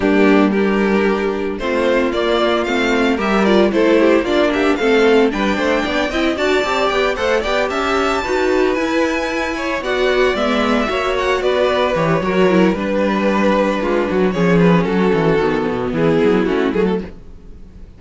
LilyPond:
<<
  \new Staff \with { instrumentName = "violin" } { \time 4/4 \tempo 4 = 113 g'4 ais'2 c''4 | d''4 f''4 e''8 d''8 c''4 | d''8 e''8 f''4 g''2 | a''4 g''8 fis''8 g''8 a''4.~ |
a''8 gis''2 fis''4 e''8~ | e''4 fis''8 d''4 cis''4. | b'2. cis''8 b'8 | a'2 gis'4 fis'8 gis'16 a'16 | }
  \new Staff \with { instrumentName = "violin" } { \time 4/4 d'4 g'2 f'4~ | f'2 ais'4 a'8 g'8 | f'8 g'8 a'4 b'8 c''8 d''8 dis''8 | d''4. c''8 d''8 e''4 b'8~ |
b'2 cis''8 d''4.~ | d''8 cis''4 b'4. ais'4 | b'2 f'8 fis'8 gis'4 | fis'2 e'2 | }
  \new Staff \with { instrumentName = "viola" } { \time 4/4 ais4 d'2 c'4 | ais4 c'4 g'8 f'8 e'4 | d'4 c'4 d'4. e'8 | fis'8 g'4 a'8 g'4. fis'8~ |
fis'8 e'2 fis'4 b8~ | b8 fis'2 g'8 fis'8 e'8 | d'2. cis'4~ | cis'4 b2 cis'8 a8 | }
  \new Staff \with { instrumentName = "cello" } { \time 4/4 g2. a4 | ais4 a4 g4 a4 | ais4 a4 g8 a8 b8 c'8 | d'8 c'8 b8 a8 b8 cis'4 dis'8~ |
dis'8 e'2 b4 gis8~ | gis8 ais4 b4 e8 fis4 | g2 gis8 fis8 f4 | fis8 e8 dis8 b,8 e8 fis8 a8 fis8 | }
>>